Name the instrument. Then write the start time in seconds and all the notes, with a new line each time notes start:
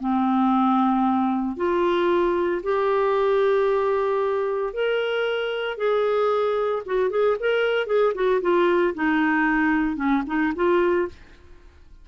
clarinet
0.00 C4
1.57 F4
2.63 G4
4.74 A#4
5.78 G#4
6.86 F#4
7.10 G#4
7.40 A#4
7.87 G#4
8.15 F#4
8.42 F4
8.95 D#4
9.96 C#4
10.27 D#4
10.56 F4